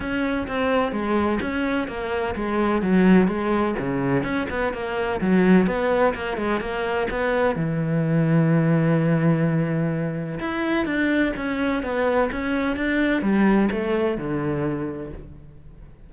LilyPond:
\new Staff \with { instrumentName = "cello" } { \time 4/4 \tempo 4 = 127 cis'4 c'4 gis4 cis'4 | ais4 gis4 fis4 gis4 | cis4 cis'8 b8 ais4 fis4 | b4 ais8 gis8 ais4 b4 |
e1~ | e2 e'4 d'4 | cis'4 b4 cis'4 d'4 | g4 a4 d2 | }